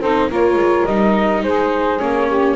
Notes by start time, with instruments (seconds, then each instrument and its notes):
0.00 double bass C4, viola D#4, saxophone A4, flute C5
0.29 double bass A#3, viola F4, saxophone A#4, flute C#5
0.55 double bass G#3
0.86 double bass G3, viola D#4, flute D#5
1.43 double bass G#3, saxophone G#4, flute C5
1.99 double bass A#3, viola C#4, flute C#5
2.28 saxophone G4